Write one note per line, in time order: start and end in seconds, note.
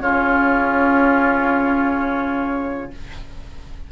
0.00 2.91 C#3
0.00 2.92 C#4
0.00 2.92 F4
0.00 2.90 C#5